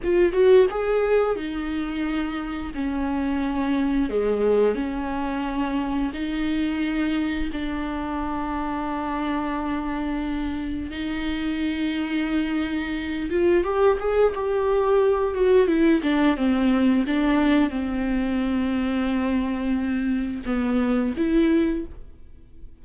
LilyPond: \new Staff \with { instrumentName = "viola" } { \time 4/4 \tempo 4 = 88 f'8 fis'8 gis'4 dis'2 | cis'2 gis4 cis'4~ | cis'4 dis'2 d'4~ | d'1 |
dis'2.~ dis'8 f'8 | g'8 gis'8 g'4. fis'8 e'8 d'8 | c'4 d'4 c'2~ | c'2 b4 e'4 | }